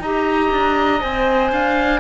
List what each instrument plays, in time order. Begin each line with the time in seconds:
0.00 cello D#4, clarinet G4, oboe D#5, flute A#5
0.52 cello D4
1.00 cello C4, clarinet C5, flute G#5
1.52 cello D4, oboe F5